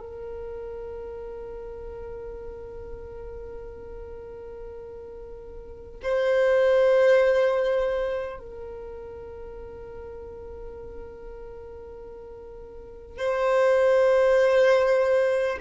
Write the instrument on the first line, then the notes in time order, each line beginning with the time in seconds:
violin
0.00 A#4
6.03 C5
8.39 A#4
13.17 C5